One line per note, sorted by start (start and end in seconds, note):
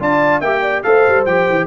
0.00 0.41 D4
0.00 0.42 F4
0.00 0.41 D5
0.00 0.41 A5
0.41 0.83 A#3
0.41 0.84 G4
0.41 0.62 E5
0.41 0.83 G5
0.62 0.83 D5
0.83 1.07 A3
0.83 1.26 A4
0.83 1.67 C5
0.83 1.25 F5
1.08 1.26 G3
1.26 1.47 F3
1.26 1.67 G4
1.26 1.67 G5
1.49 1.67 E3